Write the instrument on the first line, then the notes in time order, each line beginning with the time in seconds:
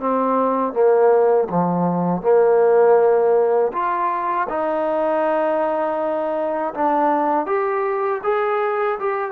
trombone
0.00 C4
0.73 A#3
1.50 F3
2.22 A#3
3.73 F4
4.49 D#4
6.74 D4
7.47 G4
8.24 G#4
9.00 G4